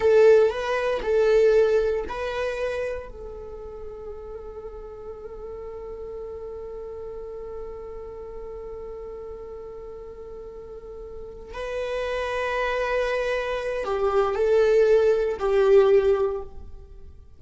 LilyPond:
\new Staff \with { instrumentName = "viola" } { \time 4/4 \tempo 4 = 117 a'4 b'4 a'2 | b'2 a'2~ | a'1~ | a'1~ |
a'1~ | a'2~ a'8 b'4.~ | b'2. g'4 | a'2 g'2 | }